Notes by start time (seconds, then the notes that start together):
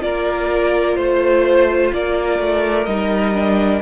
0.00 A#3 F4 A#4 D5
0.95 A3 C5
1.92 A#3 A#4 D5
2.39 A3
2.84 G3 D#4 D#5
3.34 D4